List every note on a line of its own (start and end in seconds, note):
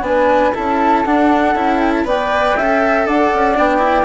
0.00 0.50 B3
0.00 0.53 D4
0.00 0.54 B4
0.00 0.53 G#5
0.54 1.06 C#4
0.54 1.05 E4
0.54 2.05 A4
0.54 1.05 A5
1.05 1.55 D4
1.05 1.54 D4
1.05 1.79 F#5
1.54 2.04 C#4
1.54 2.05 E4
1.79 1.92 G5
1.93 2.05 A5
2.04 2.54 B3
2.04 2.55 B4
2.04 2.57 D5
2.04 3.07 G5
2.56 3.06 C#4
2.56 3.54 A4
2.56 3.06 E5
3.06 3.31 D4
3.06 4.05 D5
3.06 3.58 F#5
3.33 3.57 C#4
3.54 4.05 B3
3.54 3.78 D4
3.54 4.05 G5
3.78 4.03 E4